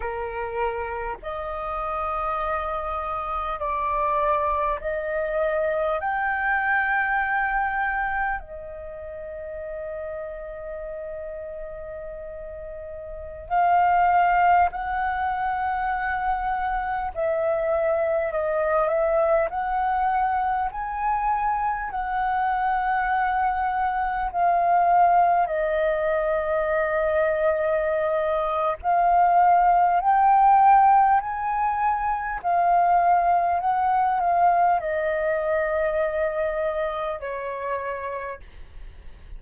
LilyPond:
\new Staff \with { instrumentName = "flute" } { \time 4/4 \tempo 4 = 50 ais'4 dis''2 d''4 | dis''4 g''2 dis''4~ | dis''2.~ dis''16 f''8.~ | f''16 fis''2 e''4 dis''8 e''16~ |
e''16 fis''4 gis''4 fis''4.~ fis''16~ | fis''16 f''4 dis''2~ dis''8. | f''4 g''4 gis''4 f''4 | fis''8 f''8 dis''2 cis''4 | }